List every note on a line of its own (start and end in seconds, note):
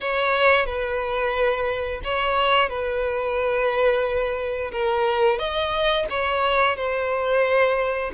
0.00 0.66 C#5
0.66 2.00 B4
2.03 2.69 C#5
2.69 4.71 B4
4.72 5.38 A#4
5.38 6.06 D#5
6.09 6.76 C#5
6.76 8.11 C5